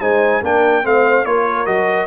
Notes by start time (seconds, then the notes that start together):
0.00 G#3 D#4 C5 G#5
0.41 A#3 D4 A#4 G5
0.83 A3 C4 C5 F5
1.25 A#3 F4 A#4 C#5
1.66 F#3 F#4 D#5